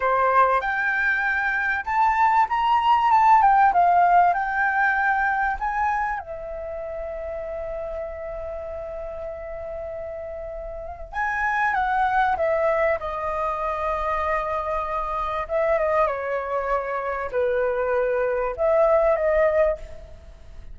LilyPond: \new Staff \with { instrumentName = "flute" } { \time 4/4 \tempo 4 = 97 c''4 g''2 a''4 | ais''4 a''8 g''8 f''4 g''4~ | g''4 gis''4 e''2~ | e''1~ |
e''2 gis''4 fis''4 | e''4 dis''2.~ | dis''4 e''8 dis''8 cis''2 | b'2 e''4 dis''4 | }